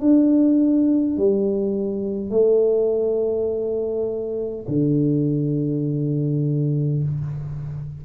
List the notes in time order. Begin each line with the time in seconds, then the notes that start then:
0.00 D4
1.17 G3
2.30 A3
4.67 D3